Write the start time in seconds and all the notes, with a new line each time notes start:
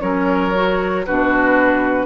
0.00 F#3 C#4 A#4 C#5
0.55 F#4
1.06 B2 D4 F#4 B4